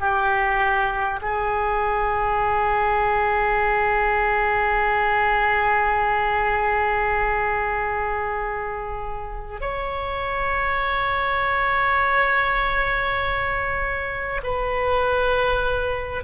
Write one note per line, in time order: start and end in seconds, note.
0.00 1.20 G4
1.21 9.61 G#4
9.61 14.41 C#5
14.43 16.23 B4